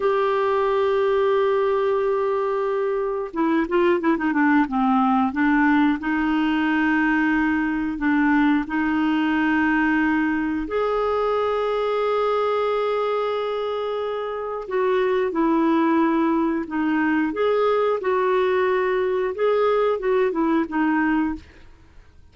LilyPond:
\new Staff \with { instrumentName = "clarinet" } { \time 4/4 \tempo 4 = 90 g'1~ | g'4 e'8 f'8 e'16 dis'16 d'8 c'4 | d'4 dis'2. | d'4 dis'2. |
gis'1~ | gis'2 fis'4 e'4~ | e'4 dis'4 gis'4 fis'4~ | fis'4 gis'4 fis'8 e'8 dis'4 | }